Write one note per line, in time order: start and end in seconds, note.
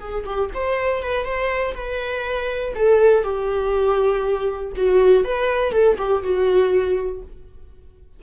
0.00 0.25 G#4
0.25 0.50 G4
0.54 1.03 C5
1.03 1.25 B4
1.25 1.74 C5
1.75 2.74 B4
2.75 3.24 A4
3.24 4.72 G4
4.76 5.24 F#4
5.24 5.72 B4
5.72 5.97 A4
5.98 6.23 G4
6.23 7.22 F#4